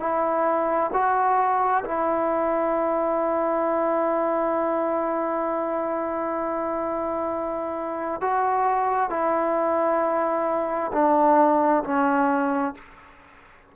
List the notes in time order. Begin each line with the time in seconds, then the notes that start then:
0.00 E4
0.93 F#4
1.85 E4
8.21 F#4
9.10 E4
10.93 D4
11.84 C#4